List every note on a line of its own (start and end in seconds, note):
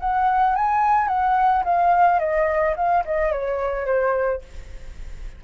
0.00 0.56 F#5
0.56 1.08 G#5
1.08 1.64 F#5
1.64 2.20 F5
2.20 2.75 D#5
2.77 3.04 F5
3.05 3.32 D#5
3.32 3.86 C#5
3.86 4.42 C5